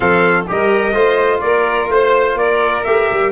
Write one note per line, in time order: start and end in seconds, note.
0.00 0.46 F3
0.00 0.45 C4
0.00 0.47 A4
0.00 0.46 F5
0.47 0.93 G3
0.47 0.93 G4
0.47 0.93 A#4
0.47 1.40 D#5
0.93 1.41 A3
0.93 2.83 F4
0.93 1.41 C5
1.40 1.88 A#3
1.40 1.92 A#4
1.40 1.88 D5
1.88 2.35 A3
1.88 2.37 C5
1.88 2.38 C5
2.35 2.82 A#3
2.35 3.32 A#4
2.35 2.84 D5
2.84 3.09 A3
2.84 3.32 G4
2.84 3.31 E5
3.11 3.32 G3